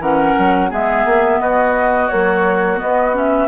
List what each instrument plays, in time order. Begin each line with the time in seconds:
0.00 bassoon E3, clarinet C#4, oboe A#4, flute F#5
0.39 bassoon F#3
0.70 bassoon G#3, clarinet B3, oboe G#4, flute E5
1.05 bassoon A#3
1.41 bassoon B3, oboe F#4, flute D#5
2.09 clarinet F#3, bassoon A#3, flute C#5
2.76 clarinet B3, bassoon B3, flute D#5
3.14 clarinet C#4, flute E5